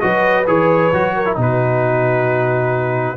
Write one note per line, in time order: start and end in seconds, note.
0.00 0.47 F#3
0.00 0.45 F#4
0.00 1.16 B4
0.00 0.45 D#5
0.47 0.92 E3
0.47 0.92 G#4
0.47 1.38 C#5
0.93 1.37 F#3
0.93 1.25 F#4
1.16 1.37 A#4
1.25 1.36 E4
1.36 3.17 B2
1.36 3.16 D#4
1.36 3.17 F#4
1.42 3.17 B4